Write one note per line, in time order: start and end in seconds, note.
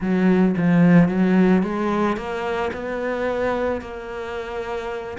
0.00 0.55 F#3
0.57 1.08 F3
1.08 1.62 F#3
1.62 2.16 G#3
2.16 2.71 A#3
2.73 3.81 B3
3.81 5.17 A#3